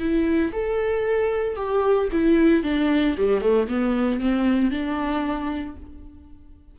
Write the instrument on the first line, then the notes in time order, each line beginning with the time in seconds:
viola
0.00 E4
0.53 A4
1.56 G4
2.12 E4
2.64 D4
3.18 G3
3.42 A3
3.68 B3
4.21 C4
4.71 D4